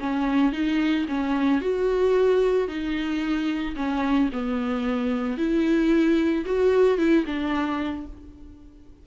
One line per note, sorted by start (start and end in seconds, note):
0.00 0.52 C#4
0.52 1.06 D#4
1.08 1.61 C#4
1.61 2.68 F#4
2.68 3.75 D#4
3.76 4.29 C#4
4.32 5.37 B3
5.37 6.45 E4
6.45 6.98 F#4
6.98 7.24 E4
7.26 8.06 D4